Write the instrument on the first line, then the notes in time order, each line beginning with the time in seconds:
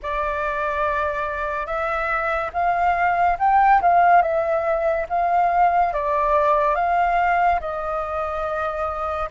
flute
0.02 D5
1.66 E5
2.53 F5
3.38 G5
3.81 F5
4.21 E5
5.09 F5
5.93 D5
6.75 F5
7.60 D#5